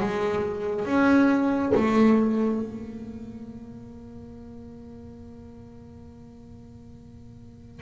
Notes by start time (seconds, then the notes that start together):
0.00 G#3
0.85 C#4
1.75 A3
2.60 A#3